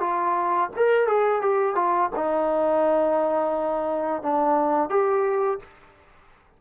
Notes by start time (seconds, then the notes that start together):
0.00 F4
0.76 A#4
1.07 G#4
1.42 G4
1.75 F4
2.16 D#4
4.23 D4
4.90 G4